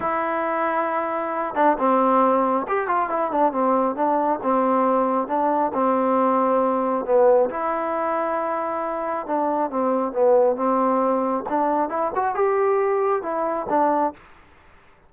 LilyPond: \new Staff \with { instrumentName = "trombone" } { \time 4/4 \tempo 4 = 136 e'2.~ e'8 d'8 | c'2 g'8 f'8 e'8 d'8 | c'4 d'4 c'2 | d'4 c'2. |
b4 e'2.~ | e'4 d'4 c'4 b4 | c'2 d'4 e'8 fis'8 | g'2 e'4 d'4 | }